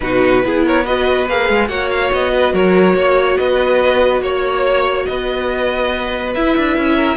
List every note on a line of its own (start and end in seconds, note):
0.00 0.44 B2
0.00 0.42 D#4
0.00 0.44 F#4
0.00 0.61 B4
0.42 1.29 B3
0.42 0.85 E4
0.42 0.66 G#4
0.65 0.83 A#4
0.65 0.85 C#5
0.83 1.27 F#4
0.83 1.68 B4
0.83 1.28 D#5
1.28 1.49 A#3
1.28 1.68 G#4
1.28 1.68 F5
1.49 1.68 G#3
1.68 2.10 A#3
1.68 6.33 F#4
1.68 2.32 C#5
1.68 1.89 F#5
1.90 2.11 F5
2.12 2.53 B3
2.12 2.54 D#5
2.32 2.53 B4
2.53 2.94 F#3
2.53 2.95 A#4
2.53 3.37 C#5
2.94 3.36 A#3
2.94 3.38 C#5
3.37 4.21 B3
3.37 4.22 B4
3.37 4.21 D#5
4.21 5.05 A#3
4.21 5.07 C#5
4.21 5.05 C#5
5.05 6.35 B3
5.05 6.95 B4
5.05 6.32 D#5
6.34 6.56 E4
6.34 7.16 E4
6.34 7.16 E5
6.56 6.77 D4
6.77 7.16 C#4
6.95 7.16 A#4